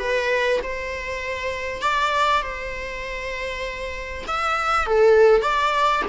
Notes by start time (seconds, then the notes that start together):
0.00 B4
0.63 C5
1.82 D5
2.43 C5
4.28 E5
4.87 A4
5.42 D5